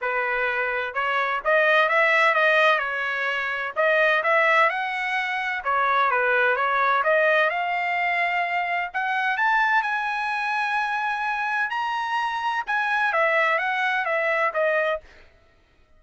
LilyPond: \new Staff \with { instrumentName = "trumpet" } { \time 4/4 \tempo 4 = 128 b'2 cis''4 dis''4 | e''4 dis''4 cis''2 | dis''4 e''4 fis''2 | cis''4 b'4 cis''4 dis''4 |
f''2. fis''4 | a''4 gis''2.~ | gis''4 ais''2 gis''4 | e''4 fis''4 e''4 dis''4 | }